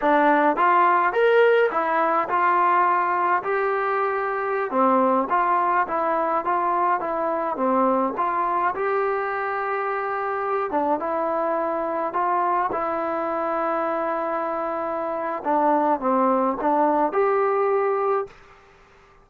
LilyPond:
\new Staff \with { instrumentName = "trombone" } { \time 4/4 \tempo 4 = 105 d'4 f'4 ais'4 e'4 | f'2 g'2~ | g'16 c'4 f'4 e'4 f'8.~ | f'16 e'4 c'4 f'4 g'8.~ |
g'2~ g'8. d'8 e'8.~ | e'4~ e'16 f'4 e'4.~ e'16~ | e'2. d'4 | c'4 d'4 g'2 | }